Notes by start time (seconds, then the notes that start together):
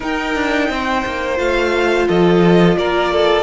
0.00 D#4 A#4 G5
0.35 D4
0.69 C4 C5
1.05 A#3
1.36 A3 F4 F5
2.07 F3 A4 D#5
2.76 A#3 A#4 D5
3.12 A4